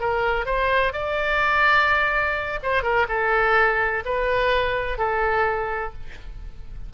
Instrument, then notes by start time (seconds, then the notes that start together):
oboe
0.00 A#4
0.46 C5
0.93 D5
2.63 C5
2.83 A#4
3.08 A4
4.05 B4
4.98 A4